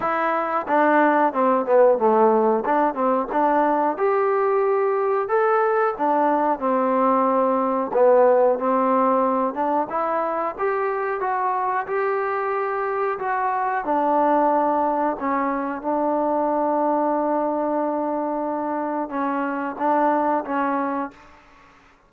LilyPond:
\new Staff \with { instrumentName = "trombone" } { \time 4/4 \tempo 4 = 91 e'4 d'4 c'8 b8 a4 | d'8 c'8 d'4 g'2 | a'4 d'4 c'2 | b4 c'4. d'8 e'4 |
g'4 fis'4 g'2 | fis'4 d'2 cis'4 | d'1~ | d'4 cis'4 d'4 cis'4 | }